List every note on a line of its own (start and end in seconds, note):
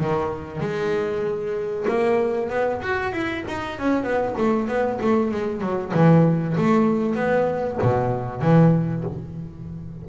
0.00 0.61 D#3
0.61 1.86 G#3
1.88 2.50 A#3
2.50 2.82 B3
2.82 3.13 F#4
3.13 3.44 E4
3.48 3.79 D#4
3.79 4.04 C#4
4.04 4.35 B3
4.39 4.68 A3
4.68 5.00 B3
5.02 5.32 A3
5.32 5.62 G#3
5.62 5.93 F#3
5.94 6.57 E3
6.58 7.16 A3
7.16 7.78 B3
7.82 8.42 B2
8.42 9.05 E3